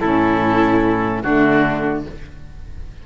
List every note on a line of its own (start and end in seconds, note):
0.00 1.24 A2
0.00 1.24 C#4
0.00 1.23 E4
0.00 1.22 A4
1.23 2.06 D3
1.23 2.06 A3
1.23 2.05 D4
1.23 2.04 F#4